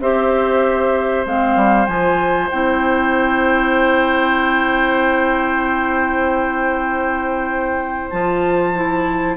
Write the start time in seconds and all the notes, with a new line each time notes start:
0.00 C4 G4 C5 E5
1.25 G#3 C4 F5
1.55 G3
1.86 F3 F4 G#5
2.50 C4 E4 G5
8.10 F3 F4 A5
8.75 E4